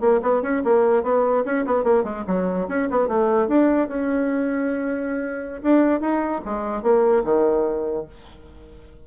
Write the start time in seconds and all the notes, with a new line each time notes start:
0.00 A#3
0.22 B3
0.42 C#4
0.64 A#3
1.03 B3
1.45 C#4
1.65 B3
1.83 A#3
2.04 G#3
2.27 F#3
2.68 C#4
2.91 B3
3.07 A3
3.47 D4
3.88 C#4
5.62 D4
6.00 D#4
6.45 G#3
6.82 A#3
7.24 D#3